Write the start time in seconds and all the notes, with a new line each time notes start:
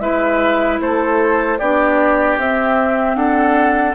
0.00 G#3 E4 B4 E5
0.81 A3 A4 C5
1.59 B3 D4 G4 D5
2.38 C4 E5
3.16 D4 A4 F#5